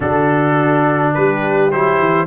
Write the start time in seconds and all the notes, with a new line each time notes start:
0.00 D3 D4 F#4 A4
1.13 G3 G4 B4
1.71 F#3 E4 C5
1.98 E3